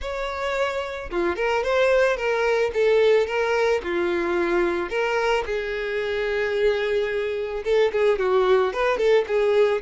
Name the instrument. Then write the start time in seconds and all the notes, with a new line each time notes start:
violin
0.01 C#5
1.11 F4
1.36 A#4
1.63 C5
2.16 A#4
2.73 A4
3.26 A#4
3.83 F4
4.89 A#4
5.45 G#4
7.64 A4
7.92 G#4
8.18 F#4
8.73 B4
8.97 A4
9.27 G#4